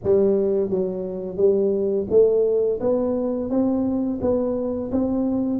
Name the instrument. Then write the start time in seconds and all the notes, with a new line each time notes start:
tuba
0.03 G3
0.70 F#3
1.36 G3
2.10 A3
2.80 B3
3.49 C4
4.21 B3
4.91 C4